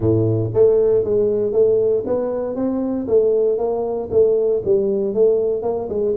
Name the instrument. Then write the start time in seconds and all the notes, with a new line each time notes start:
tuba
0.00 A2
0.54 A3
1.04 G#3
1.52 A3
2.06 B3
2.55 C4
3.07 A3
3.58 A#3
4.11 A3
4.64 G3
5.14 A3
5.62 A#3
5.89 G#3